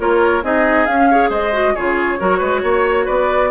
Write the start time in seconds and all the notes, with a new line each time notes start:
0.00 A#3 F4 A#4 C#5
0.43 C4 D#4 G#4 D#5
0.86 C#4 F5
1.11 G#4 C#5
1.30 G#3 C5 D#5
1.53 F#4
1.75 C#3 F4 G#4 C#5
2.19 F#3 F#4 A#4
2.39 G#3 B4
2.63 A#3 C#5
3.06 B3 B4 D5